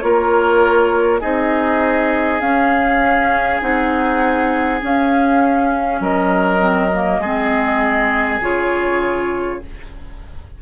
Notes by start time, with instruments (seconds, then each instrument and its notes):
0.00 bassoon A#3, clarinet F4, oboe A#4, flute C#5
1.20 bassoon C4, clarinet D#4, oboe G#4, flute D#5
2.41 bassoon C#4, clarinet C#4, flute F5
3.61 bassoon C4, clarinet D#4, flute F#5
4.82 clarinet C#4, bassoon C#4, flute F5
6.00 bassoon F#3, oboe A#4, flute D#5
6.59 clarinet C4
6.94 clarinet A#3
7.19 bassoon G#3, clarinet C4, oboe G#4
8.42 bassoon C#3, clarinet F4, flute C#5